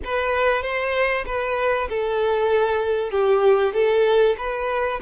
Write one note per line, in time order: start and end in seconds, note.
0.04 0.62 B4
0.62 1.24 C5
1.26 1.88 B4
1.89 3.11 A4
3.11 3.73 G4
3.73 4.36 A4
4.38 5.00 B4